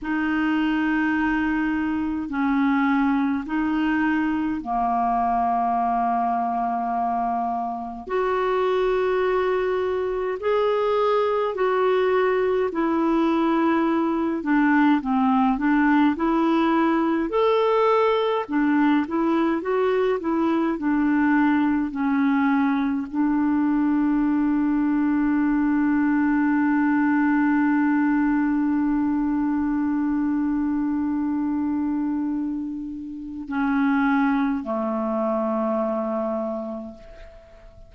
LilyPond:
\new Staff \with { instrumentName = "clarinet" } { \time 4/4 \tempo 4 = 52 dis'2 cis'4 dis'4 | ais2. fis'4~ | fis'4 gis'4 fis'4 e'4~ | e'8 d'8 c'8 d'8 e'4 a'4 |
d'8 e'8 fis'8 e'8 d'4 cis'4 | d'1~ | d'1~ | d'4 cis'4 a2 | }